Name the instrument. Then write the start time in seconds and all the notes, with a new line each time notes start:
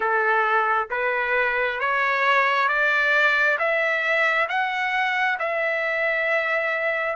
trumpet
0.00 A4
0.90 B4
1.80 C#5
2.68 D5
3.58 E5
4.48 F#5
5.39 E5